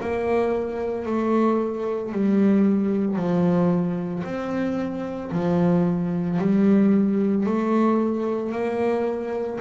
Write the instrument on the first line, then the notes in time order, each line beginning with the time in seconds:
double bass
0.00 A#3
1.05 A3
2.12 G3
3.16 F3
4.23 C4
5.31 F3
6.38 G3
7.46 A3
8.51 A#3